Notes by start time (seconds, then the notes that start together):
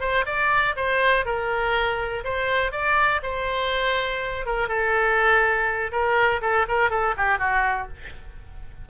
0.00 C5
0.25 D5
0.76 C5
1.25 A#4
2.24 C5
2.72 D5
3.22 C5
4.46 A#4
4.68 A4
5.92 A#4
6.41 A4
6.68 A#4
6.90 A4
7.17 G4
7.38 F#4